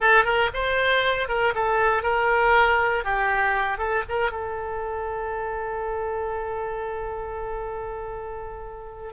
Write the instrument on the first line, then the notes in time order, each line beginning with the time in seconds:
oboe
0.00 A4
0.24 A#4
0.53 C5
1.28 A#4
1.55 A4
2.02 A#4
3.04 G4
3.77 A4
4.08 A#4
4.31 A4